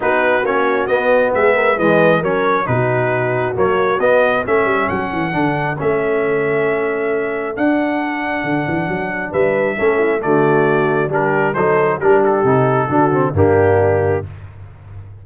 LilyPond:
<<
  \new Staff \with { instrumentName = "trumpet" } { \time 4/4 \tempo 4 = 135 b'4 cis''4 dis''4 e''4 | dis''4 cis''4 b'2 | cis''4 dis''4 e''4 fis''4~ | fis''4 e''2.~ |
e''4 fis''2.~ | fis''4 e''2 d''4~ | d''4 ais'4 c''4 ais'8 a'8~ | a'2 g'2 | }
  \new Staff \with { instrumentName = "horn" } { \time 4/4 fis'2. gis'8 ais'8 | b'4 ais'4 fis'2~ | fis'2 a'2~ | a'1~ |
a'1~ | a'4 b'4 a'8 e'8 fis'4~ | fis'4 g'4 a'4 g'4~ | g'4 fis'4 d'2 | }
  \new Staff \with { instrumentName = "trombone" } { \time 4/4 dis'4 cis'4 b2 | gis4 cis'4 dis'2 | ais4 b4 cis'2 | d'4 cis'2.~ |
cis'4 d'2.~ | d'2 cis'4 a4~ | a4 d'4 dis'4 d'4 | dis'4 d'8 c'8 ais2 | }
  \new Staff \with { instrumentName = "tuba" } { \time 4/4 b4 ais4 b4 gis4 | e4 fis4 b,2 | fis4 b4 a8 g8 fis8 e8 | d4 a2.~ |
a4 d'2 d8 e8 | fis4 g4 a4 d4~ | d4 g4 fis4 g4 | c4 d4 g,2 | }
>>